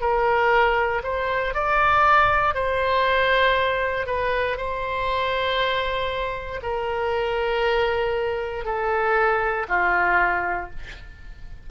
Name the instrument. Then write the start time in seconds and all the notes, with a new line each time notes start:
oboe
0.00 A#4
1.03 C5
1.53 D5
2.54 C5
4.06 B4
4.57 C5
6.62 A#4
8.64 A4
9.68 F4